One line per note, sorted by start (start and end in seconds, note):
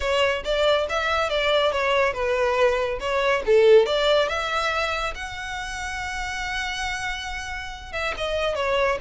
0.00 0.43 C#5
0.44 0.87 D5
0.89 1.29 E5
1.29 1.71 D5
1.71 2.13 C#5
2.13 2.99 B4
3.00 3.42 C#5
3.45 3.86 A4
3.86 4.28 D5
4.28 5.14 E5
5.14 7.92 F#5
7.92 8.14 E5
8.17 8.55 D#5
8.55 8.98 C#5